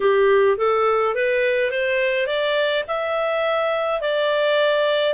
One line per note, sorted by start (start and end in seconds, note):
0.00 0.57 G4
0.57 1.14 A4
1.14 1.70 B4
1.70 2.26 C5
2.26 2.84 D5
2.87 4.00 E5
4.00 5.13 D5